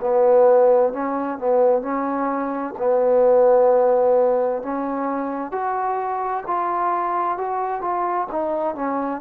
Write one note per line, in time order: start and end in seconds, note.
0.00 0.92 B3
0.92 1.38 C#4
1.38 1.82 B3
1.82 2.74 C#4
2.78 4.62 B3
4.62 5.51 C#4
5.51 6.44 F#4
6.47 7.37 F4
7.37 7.81 F#4
7.81 8.27 F4
8.32 8.75 D#4
8.75 9.21 C#4